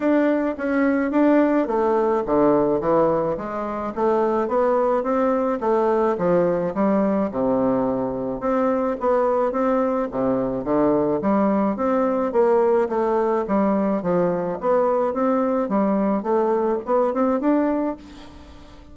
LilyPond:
\new Staff \with { instrumentName = "bassoon" } { \time 4/4 \tempo 4 = 107 d'4 cis'4 d'4 a4 | d4 e4 gis4 a4 | b4 c'4 a4 f4 | g4 c2 c'4 |
b4 c'4 c4 d4 | g4 c'4 ais4 a4 | g4 f4 b4 c'4 | g4 a4 b8 c'8 d'4 | }